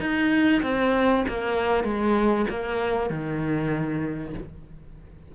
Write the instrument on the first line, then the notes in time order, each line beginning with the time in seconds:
cello
0.00 D#4
0.62 C4
1.28 A#3
1.84 G#3
2.50 A#3
3.10 D#3